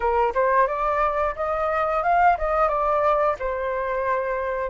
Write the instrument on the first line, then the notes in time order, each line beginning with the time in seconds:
flute
0.00 A#4
0.34 C5
0.67 D5
1.35 D#5
2.03 F5
2.37 D#5
2.68 D5
3.39 C5